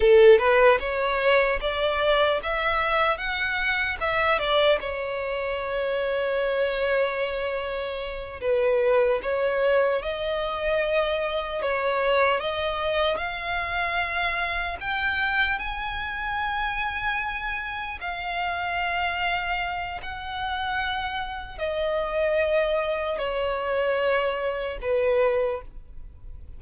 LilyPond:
\new Staff \with { instrumentName = "violin" } { \time 4/4 \tempo 4 = 75 a'8 b'8 cis''4 d''4 e''4 | fis''4 e''8 d''8 cis''2~ | cis''2~ cis''8 b'4 cis''8~ | cis''8 dis''2 cis''4 dis''8~ |
dis''8 f''2 g''4 gis''8~ | gis''2~ gis''8 f''4.~ | f''4 fis''2 dis''4~ | dis''4 cis''2 b'4 | }